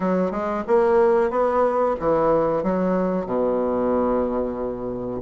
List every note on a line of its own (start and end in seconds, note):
0.00 0.31 F#3
0.31 0.63 G#3
0.67 1.30 A#3
1.30 1.95 B3
1.99 2.63 E3
2.63 3.26 F#3
3.26 5.21 B2